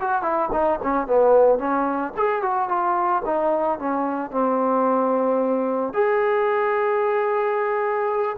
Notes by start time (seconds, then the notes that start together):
0.00 F#4
0.22 E4
0.52 D#4
0.83 C#4
1.07 B3
1.59 C#4
2.17 G#4
2.42 F#4
2.69 F4
3.25 D#4
3.79 C#4
4.31 C4
5.93 G#4